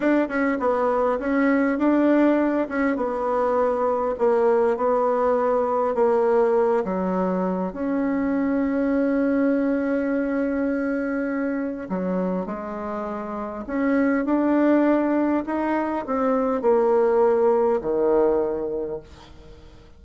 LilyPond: \new Staff \with { instrumentName = "bassoon" } { \time 4/4 \tempo 4 = 101 d'8 cis'8 b4 cis'4 d'4~ | d'8 cis'8 b2 ais4 | b2 ais4. fis8~ | fis4 cis'2.~ |
cis'1 | fis4 gis2 cis'4 | d'2 dis'4 c'4 | ais2 dis2 | }